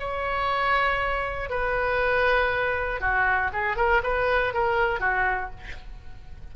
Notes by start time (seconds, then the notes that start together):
0.00 C#5
1.50 B4
3.01 F#4
3.53 G#4
3.77 A#4
4.04 B4
4.54 A#4
5.01 F#4